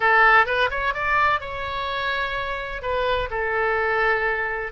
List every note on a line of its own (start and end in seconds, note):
0.00 0.46 A4
0.46 0.69 B4
0.70 0.93 C#5
0.93 1.40 D5
1.40 2.82 C#5
2.82 3.29 B4
3.30 4.72 A4